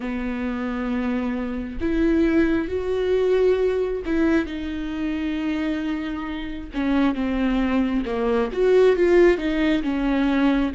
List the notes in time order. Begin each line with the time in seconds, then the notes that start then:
0.00 B3
1.80 E4
2.68 F#4
4.05 E4
4.46 D#4
6.74 C#4
7.14 C4
8.05 A#3
8.52 F#4
8.96 F4
9.37 D#4
9.82 C#4